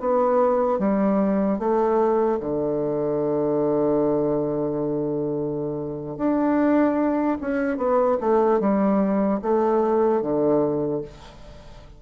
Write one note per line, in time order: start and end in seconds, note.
0.00 0.79 B3
0.79 1.59 G3
1.59 2.39 A3
2.40 6.17 D3
6.17 7.37 D4
7.41 7.77 C#4
7.77 8.17 B3
8.20 8.60 A3
8.60 9.40 G3
9.42 10.21 A3
10.21 11.01 D3